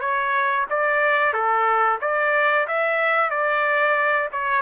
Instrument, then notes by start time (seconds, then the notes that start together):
trumpet
0.00 C#5
0.70 D5
1.33 A4
2.01 D5
2.67 E5
3.30 D5
4.32 C#5